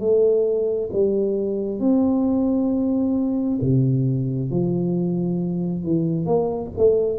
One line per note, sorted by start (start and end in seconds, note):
0.00 0.90 A3
0.92 1.80 G3
1.80 3.59 C4
3.61 4.51 C3
4.51 5.84 F3
5.84 6.26 E3
6.26 6.70 A#3
6.77 7.18 A3